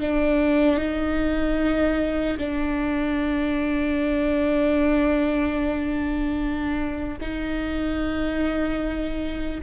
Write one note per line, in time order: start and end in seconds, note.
0.00 0.77 D4
0.77 2.37 D#4
2.37 7.17 D4
7.20 9.60 D#4